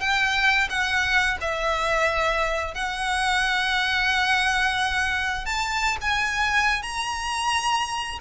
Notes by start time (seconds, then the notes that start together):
0.00 G5
0.69 F#5
1.40 E5
2.74 F#5
5.45 A5
6.01 G#5
6.82 A#5